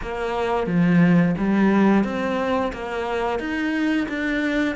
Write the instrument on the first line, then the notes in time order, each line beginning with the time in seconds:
cello
0.02 A#3
0.67 F3
1.38 G3
2.04 C4
2.72 A#3
3.39 D#4
4.08 D4